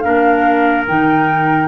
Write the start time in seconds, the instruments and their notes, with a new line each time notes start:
0.00 tuba A#3, clarinet D4, trumpet A#4, flute F5
0.88 tuba D#3, clarinet D#4, flute G5